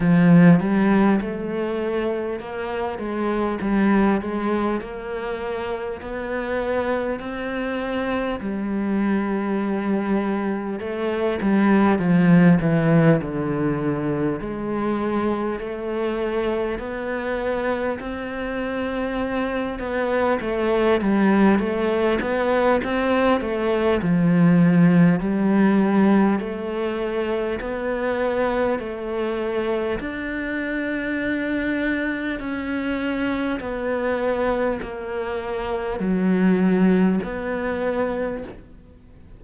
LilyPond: \new Staff \with { instrumentName = "cello" } { \time 4/4 \tempo 4 = 50 f8 g8 a4 ais8 gis8 g8 gis8 | ais4 b4 c'4 g4~ | g4 a8 g8 f8 e8 d4 | gis4 a4 b4 c'4~ |
c'8 b8 a8 g8 a8 b8 c'8 a8 | f4 g4 a4 b4 | a4 d'2 cis'4 | b4 ais4 fis4 b4 | }